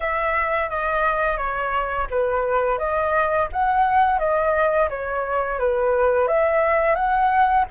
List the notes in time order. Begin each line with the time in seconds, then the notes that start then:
0.00 E5
0.69 D#5
1.37 C#5
2.10 B4
2.78 D#5
3.52 F#5
4.19 D#5
4.89 C#5
5.59 B4
6.27 E5
6.95 F#5